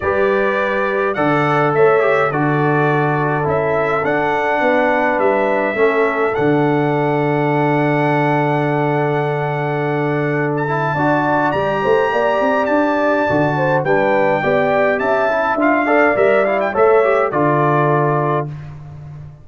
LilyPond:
<<
  \new Staff \with { instrumentName = "trumpet" } { \time 4/4 \tempo 4 = 104 d''2 fis''4 e''4 | d''2 e''4 fis''4~ | fis''4 e''2 fis''4~ | fis''1~ |
fis''2~ fis''16 a''4.~ a''16 | ais''2 a''2 | g''2 a''4 f''4 | e''8 f''16 g''16 e''4 d''2 | }
  \new Staff \with { instrumentName = "horn" } { \time 4/4 b'2 d''4 cis''4 | a'1 | b'2 a'2~ | a'1~ |
a'2. d''4~ | d''8 c''8 d''2~ d''8 c''8 | b'4 d''4 e''4. d''8~ | d''4 cis''4 a'2 | }
  \new Staff \with { instrumentName = "trombone" } { \time 4/4 g'2 a'4. g'8 | fis'2 e'4 d'4~ | d'2 cis'4 d'4~ | d'1~ |
d'2~ d'8 e'8 fis'4 | g'2. fis'4 | d'4 g'4. e'8 f'8 a'8 | ais'8 e'8 a'8 g'8 f'2 | }
  \new Staff \with { instrumentName = "tuba" } { \time 4/4 g2 d4 a4 | d2 cis'4 d'4 | b4 g4 a4 d4~ | d1~ |
d2. d'4 | g8 a8 ais8 c'8 d'4 d4 | g4 b4 cis'4 d'4 | g4 a4 d2 | }
>>